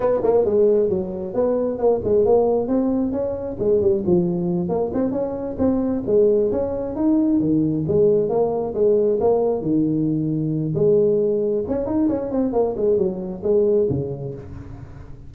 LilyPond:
\new Staff \with { instrumentName = "tuba" } { \time 4/4 \tempo 4 = 134 b8 ais8 gis4 fis4 b4 | ais8 gis8 ais4 c'4 cis'4 | gis8 g8 f4. ais8 c'8 cis'8~ | cis'8 c'4 gis4 cis'4 dis'8~ |
dis'8 dis4 gis4 ais4 gis8~ | gis8 ais4 dis2~ dis8 | gis2 cis'8 dis'8 cis'8 c'8 | ais8 gis8 fis4 gis4 cis4 | }